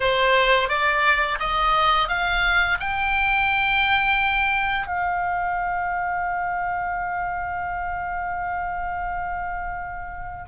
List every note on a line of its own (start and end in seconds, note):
0.00 0.68 C5
0.68 1.38 D5
1.40 2.08 D#5
2.08 2.77 F5
2.80 4.86 G5
4.86 10.45 F5